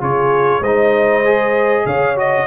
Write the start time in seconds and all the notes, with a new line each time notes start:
0.00 C#3 F4 G#4 C#5
0.60 G#3 C5 D#5
0.66 D#4
1.24 G#4
1.85 C#3 C#5 F5
2.16 F#4 D#5